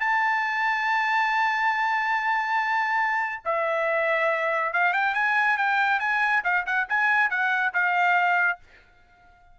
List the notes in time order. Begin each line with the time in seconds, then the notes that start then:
0.00 A5
3.45 E5
4.73 F5
4.93 G5
5.14 G#5
5.57 G5
6.00 G#5
6.44 F5
6.66 F#5
6.89 G#5
7.30 F#5
7.74 F5